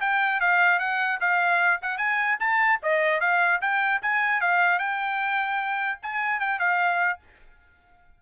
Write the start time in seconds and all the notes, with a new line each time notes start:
0.00 G5
0.40 F5
0.79 F#5
1.20 F5
1.81 F#5
1.97 G#5
2.39 A5
2.82 D#5
3.20 F5
3.61 G5
4.01 G#5
4.40 F5
4.78 G5
6.02 G#5
6.39 G5
6.59 F5